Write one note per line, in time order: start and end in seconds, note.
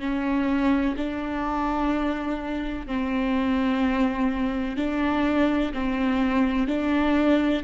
0.00 0.95 C#4
0.97 2.87 D4
2.87 4.77 C4
4.77 5.72 D4
5.73 6.68 C4
6.68 7.63 D4